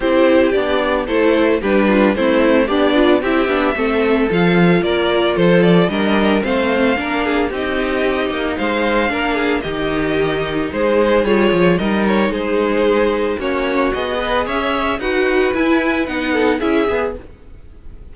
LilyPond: <<
  \new Staff \with { instrumentName = "violin" } { \time 4/4 \tempo 4 = 112 c''4 d''4 c''4 b'4 | c''4 d''4 e''2 | f''4 d''4 c''8 d''8 dis''4 | f''2 dis''2 |
f''2 dis''2 | c''4 cis''4 dis''8 cis''8 c''4~ | c''4 cis''4 dis''4 e''4 | fis''4 gis''4 fis''4 e''4 | }
  \new Staff \with { instrumentName = "violin" } { \time 4/4 g'2 a'4 g'8 f'8 | e'4 d'4 g'4 a'4~ | a'4 ais'4 a'4 ais'4 | c''4 ais'8 gis'8 g'2 |
c''4 ais'8 gis'8 g'2 | gis'2 ais'4 gis'4~ | gis'4 fis'4. b'8 cis''4 | b'2~ b'8 a'8 gis'4 | }
  \new Staff \with { instrumentName = "viola" } { \time 4/4 e'4 d'4 e'4 d'4 | c'4 g'8 f'8 e'8 d'8 c'4 | f'2. d'4 | c'4 d'4 dis'2~ |
dis'4 d'4 dis'2~ | dis'4 f'4 dis'2~ | dis'4 cis'4 gis'2 | fis'4 e'4 dis'4 e'8 gis'8 | }
  \new Staff \with { instrumentName = "cello" } { \time 4/4 c'4 b4 a4 g4 | a4 b4 c'8 b8 a4 | f4 ais4 f4 g4 | a4 ais4 c'4. ais8 |
gis4 ais4 dis2 | gis4 g8 f8 g4 gis4~ | gis4 ais4 b4 cis'4 | dis'4 e'4 b4 cis'8 b8 | }
>>